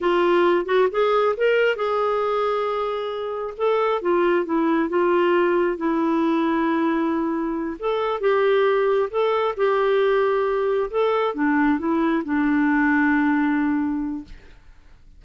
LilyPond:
\new Staff \with { instrumentName = "clarinet" } { \time 4/4 \tempo 4 = 135 f'4. fis'8 gis'4 ais'4 | gis'1 | a'4 f'4 e'4 f'4~ | f'4 e'2.~ |
e'4. a'4 g'4.~ | g'8 a'4 g'2~ g'8~ | g'8 a'4 d'4 e'4 d'8~ | d'1 | }